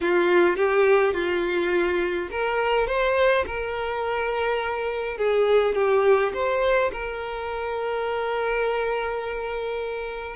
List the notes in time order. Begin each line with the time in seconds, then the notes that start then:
0.00 F4
0.56 G4
1.13 F4
2.31 A#4
2.87 C5
3.46 A#4
5.17 G#4
5.74 G4
6.33 C5
6.92 A#4